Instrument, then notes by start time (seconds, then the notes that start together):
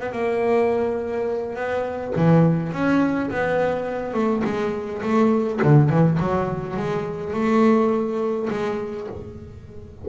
double bass
0.00 B3
0.12 A#3
1.56 B3
2.16 E3
2.72 C#4
3.30 B3
4.14 A3
4.44 G#3
5.02 A3
5.62 D3
5.89 E3
6.19 F#3
6.77 G#3
7.33 A3
8.50 G#3